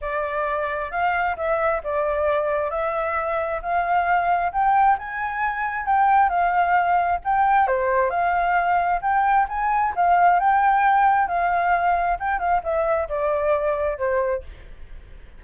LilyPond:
\new Staff \with { instrumentName = "flute" } { \time 4/4 \tempo 4 = 133 d''2 f''4 e''4 | d''2 e''2 | f''2 g''4 gis''4~ | gis''4 g''4 f''2 |
g''4 c''4 f''2 | g''4 gis''4 f''4 g''4~ | g''4 f''2 g''8 f''8 | e''4 d''2 c''4 | }